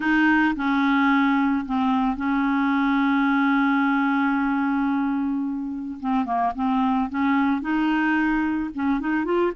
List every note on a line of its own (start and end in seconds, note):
0.00 0.54 D#4
0.56 1.65 C#4
1.65 2.16 C4
2.16 5.98 C#4
6.00 6.25 C4
6.25 6.52 A#3
6.55 7.09 C4
7.09 7.61 C#4
7.61 8.70 D#4
8.74 9.00 C#4
9.00 9.24 D#4
9.24 9.52 F4